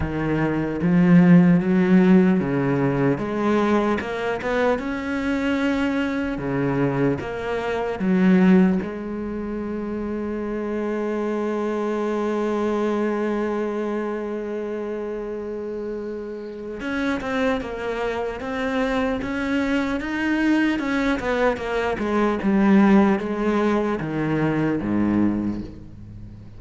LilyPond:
\new Staff \with { instrumentName = "cello" } { \time 4/4 \tempo 4 = 75 dis4 f4 fis4 cis4 | gis4 ais8 b8 cis'2 | cis4 ais4 fis4 gis4~ | gis1~ |
gis1~ | gis4 cis'8 c'8 ais4 c'4 | cis'4 dis'4 cis'8 b8 ais8 gis8 | g4 gis4 dis4 gis,4 | }